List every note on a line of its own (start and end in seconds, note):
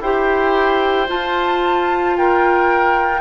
0.00 1.07 E4
0.00 1.07 G4
0.00 2.16 C5
0.00 1.08 G5
1.07 3.21 F4
1.07 2.17 A5
2.17 3.21 A#4
2.17 3.21 G5